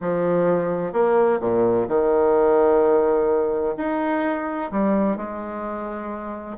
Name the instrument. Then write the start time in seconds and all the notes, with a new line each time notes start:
bassoon
0.00 F3
0.93 A#3
1.40 A#2
1.87 D#3
3.77 D#4
4.71 G3
5.16 G#3